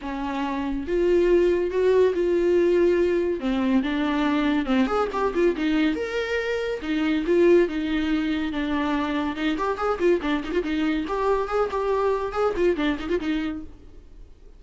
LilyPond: \new Staff \with { instrumentName = "viola" } { \time 4/4 \tempo 4 = 141 cis'2 f'2 | fis'4 f'2. | c'4 d'2 c'8 gis'8 | g'8 f'8 dis'4 ais'2 |
dis'4 f'4 dis'2 | d'2 dis'8 g'8 gis'8 f'8 | d'8 dis'16 f'16 dis'4 g'4 gis'8 g'8~ | g'4 gis'8 f'8 d'8 dis'16 f'16 dis'4 | }